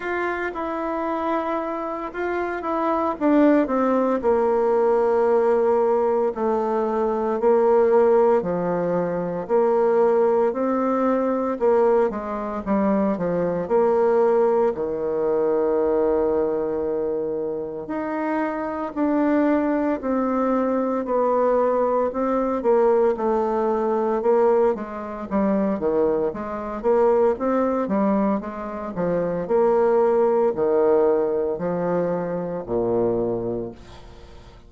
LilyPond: \new Staff \with { instrumentName = "bassoon" } { \time 4/4 \tempo 4 = 57 f'8 e'4. f'8 e'8 d'8 c'8 | ais2 a4 ais4 | f4 ais4 c'4 ais8 gis8 | g8 f8 ais4 dis2~ |
dis4 dis'4 d'4 c'4 | b4 c'8 ais8 a4 ais8 gis8 | g8 dis8 gis8 ais8 c'8 g8 gis8 f8 | ais4 dis4 f4 ais,4 | }